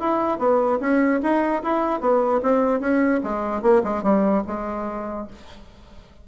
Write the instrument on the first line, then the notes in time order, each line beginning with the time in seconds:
bassoon
0.00 E4
0.39 B3
0.81 C#4
1.23 D#4
1.63 E4
2.01 B3
2.43 C4
2.80 C#4
3.24 G#3
3.62 A#3
3.84 G#3
4.03 G3
4.47 G#3